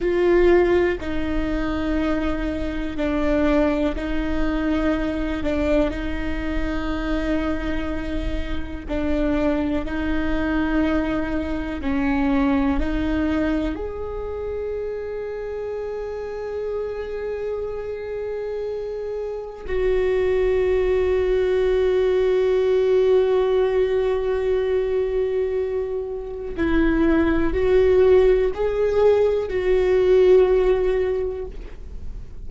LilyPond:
\new Staff \with { instrumentName = "viola" } { \time 4/4 \tempo 4 = 61 f'4 dis'2 d'4 | dis'4. d'8 dis'2~ | dis'4 d'4 dis'2 | cis'4 dis'4 gis'2~ |
gis'1 | fis'1~ | fis'2. e'4 | fis'4 gis'4 fis'2 | }